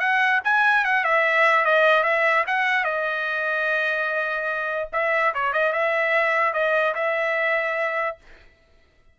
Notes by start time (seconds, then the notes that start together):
0.00 F#5
0.44 G#5
0.85 F#5
1.04 E5
1.65 D#5
2.04 E5
2.47 F#5
2.84 D#5
4.93 E5
5.34 C#5
5.53 D#5
5.73 E5
6.53 D#5
6.95 E5